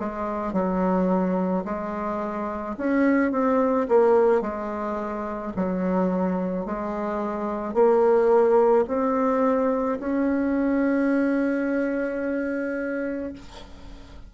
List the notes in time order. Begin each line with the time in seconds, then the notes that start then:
0.00 G#3
0.53 F#3
1.65 G#3
2.78 C#4
3.32 C4
3.88 A#3
4.41 G#3
5.57 F#3
6.66 G#3
7.74 A#3
8.88 C4
10.00 C#4